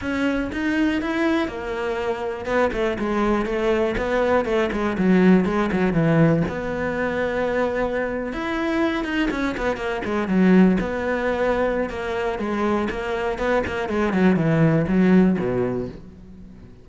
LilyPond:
\new Staff \with { instrumentName = "cello" } { \time 4/4 \tempo 4 = 121 cis'4 dis'4 e'4 ais4~ | ais4 b8 a8 gis4 a4 | b4 a8 gis8 fis4 gis8 fis8 | e4 b2.~ |
b8. e'4. dis'8 cis'8 b8 ais16~ | ais16 gis8 fis4 b2~ b16 | ais4 gis4 ais4 b8 ais8 | gis8 fis8 e4 fis4 b,4 | }